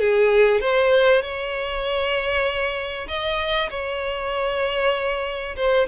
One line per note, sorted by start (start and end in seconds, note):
0.00 0.61 G#4
0.61 1.22 C5
1.22 3.08 C#5
3.08 3.70 D#5
3.71 5.56 C#5
5.56 5.87 C5